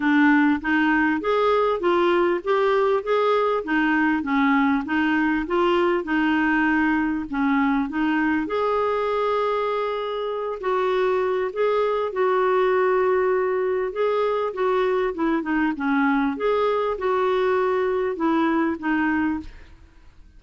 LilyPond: \new Staff \with { instrumentName = "clarinet" } { \time 4/4 \tempo 4 = 99 d'4 dis'4 gis'4 f'4 | g'4 gis'4 dis'4 cis'4 | dis'4 f'4 dis'2 | cis'4 dis'4 gis'2~ |
gis'4. fis'4. gis'4 | fis'2. gis'4 | fis'4 e'8 dis'8 cis'4 gis'4 | fis'2 e'4 dis'4 | }